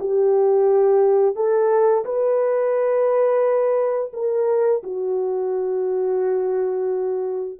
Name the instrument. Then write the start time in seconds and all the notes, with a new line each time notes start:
horn
0.00 G4
1.35 A4
2.05 B4
4.13 A#4
4.83 F#4